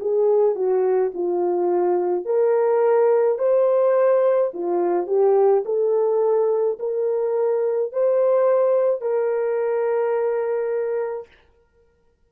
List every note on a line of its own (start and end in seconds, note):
0.00 0.55 G#4
0.55 1.12 F#4
1.14 2.25 F4
2.25 3.39 A#4
3.39 4.52 C5
4.53 5.07 F4
5.07 5.63 G4
5.65 6.78 A4
6.79 7.92 A#4
7.92 9.02 C5
9.02 11.28 A#4